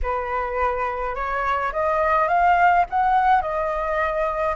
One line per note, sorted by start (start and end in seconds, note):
0.02 1.15 B4
1.15 1.72 C#5
1.72 2.28 D#5
2.28 2.85 F5
2.90 3.41 F#5
3.41 4.55 D#5